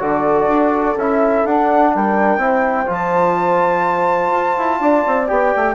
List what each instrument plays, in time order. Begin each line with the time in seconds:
0.00 bassoon D3, trombone F#4, horn A4, flute D5
0.47 bassoon D4
0.96 bassoon C#4, trombone E4, flute E5
1.45 bassoon D4, trombone D4, flute F#5
1.95 bassoon G3, horn A#4, flute G5
2.38 bassoon C4, trombone E4
2.44 horn C5
2.86 bassoon F3, trombone F4, flute A5
4.32 bassoon F4
4.58 bassoon E4
4.80 bassoon D4, horn D5
5.07 bassoon C4
5.28 bassoon B3, trombone G4, flute G5
5.56 bassoon A3